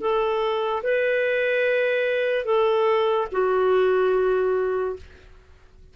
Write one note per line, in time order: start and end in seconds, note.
0.00 0.82 A4
0.83 2.45 B4
2.45 3.27 A4
3.31 4.96 F#4